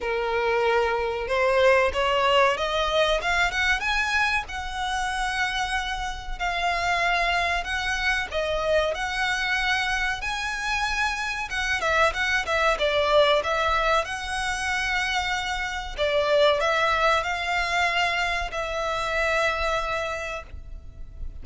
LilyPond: \new Staff \with { instrumentName = "violin" } { \time 4/4 \tempo 4 = 94 ais'2 c''4 cis''4 | dis''4 f''8 fis''8 gis''4 fis''4~ | fis''2 f''2 | fis''4 dis''4 fis''2 |
gis''2 fis''8 e''8 fis''8 e''8 | d''4 e''4 fis''2~ | fis''4 d''4 e''4 f''4~ | f''4 e''2. | }